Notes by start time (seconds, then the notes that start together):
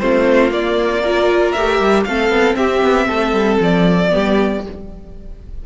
0.00 A3 C4 F4 C5
0.51 A#3 D5
1.03 F4 A#4
1.53 A3 G4 E5
1.80 G3
2.04 A3 C4 A4 F5
2.30 B3
2.56 C4 G4 E5
2.83 B3
3.08 A3 A4
3.33 G3
3.61 F3 D5
4.10 G3 B3 G4